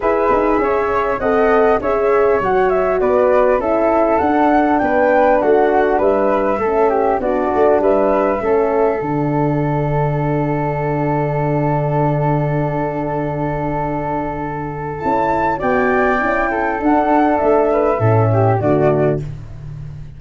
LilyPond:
<<
  \new Staff \with { instrumentName = "flute" } { \time 4/4 \tempo 4 = 100 e''2 fis''4 e''4 | fis''8 e''8 d''4 e''4 fis''4 | g''4 fis''4 e''2 | d''4 e''2 fis''4~ |
fis''1~ | fis''1~ | fis''4 a''4 g''2 | fis''4 e''2 d''4 | }
  \new Staff \with { instrumentName = "flute" } { \time 4/4 b'4 cis''4 dis''4 cis''4~ | cis''4 b'4 a'2 | b'4 fis'4 b'4 a'8 g'8 | fis'4 b'4 a'2~ |
a'1~ | a'1~ | a'2 d''4. a'8~ | a'4. b'8 a'8 g'8 fis'4 | }
  \new Staff \with { instrumentName = "horn" } { \time 4/4 gis'2 a'4 gis'4 | fis'2 e'4 d'4~ | d'2. cis'4 | d'2 cis'4 d'4~ |
d'1~ | d'1~ | d'4 e'4 fis'4 e'4 | d'2 cis'4 a4 | }
  \new Staff \with { instrumentName = "tuba" } { \time 4/4 e'8 dis'8 cis'4 c'4 cis'4 | fis4 b4 cis'4 d'4 | b4 a4 g4 a4 | b8 a8 g4 a4 d4~ |
d1~ | d1~ | d4 cis'4 b4 cis'4 | d'4 a4 a,4 d4 | }
>>